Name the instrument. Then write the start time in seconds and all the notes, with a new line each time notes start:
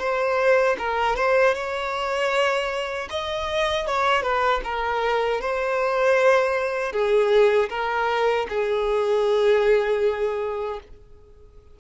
violin
0.00 C5
0.79 A#4
1.16 C5
1.55 C#5
3.10 D#5
3.87 C#5
4.23 B4
4.65 A#4
5.41 C5
6.93 G#4
7.70 A#4
8.50 G#4